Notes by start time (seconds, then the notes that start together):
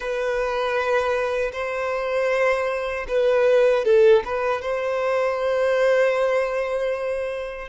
0.00 B4
1.52 C5
3.08 B4
3.85 A4
4.24 B4
4.61 C5